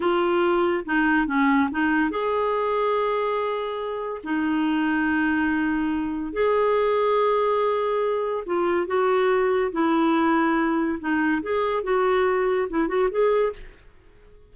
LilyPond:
\new Staff \with { instrumentName = "clarinet" } { \time 4/4 \tempo 4 = 142 f'2 dis'4 cis'4 | dis'4 gis'2.~ | gis'2 dis'2~ | dis'2. gis'4~ |
gis'1 | f'4 fis'2 e'4~ | e'2 dis'4 gis'4 | fis'2 e'8 fis'8 gis'4 | }